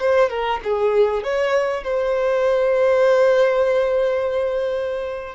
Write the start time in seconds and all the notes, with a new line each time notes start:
0.00 C5
0.30 A#4
0.64 G#4
1.24 C#5
1.84 C5